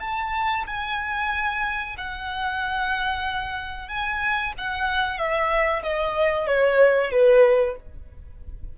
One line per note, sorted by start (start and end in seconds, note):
0.00 0.65 A5
0.67 1.96 G#5
1.98 3.88 F#5
3.88 4.53 G#5
4.58 5.18 F#5
5.18 5.82 E5
5.83 6.47 D#5
6.47 7.11 C#5
7.11 7.76 B4